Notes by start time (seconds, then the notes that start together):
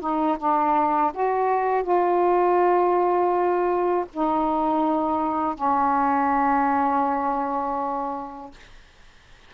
0.00 D#4
0.38 D4
1.13 F#4
1.83 F4
4.13 D#4
5.55 C#4